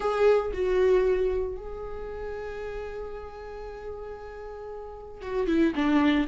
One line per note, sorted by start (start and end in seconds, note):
0.00 0.52 G#4
0.53 1.57 F#4
1.57 5.21 G#4
5.21 5.47 F#4
5.47 5.73 E4
5.75 6.27 D4